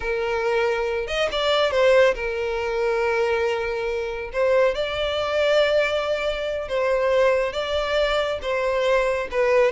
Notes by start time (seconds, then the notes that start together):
0.00 A#4
1.07 D#5
1.31 D5
1.71 C5
2.14 A#4
4.32 C5
4.74 D5
6.68 C5
7.52 D5
8.42 C5
9.31 B4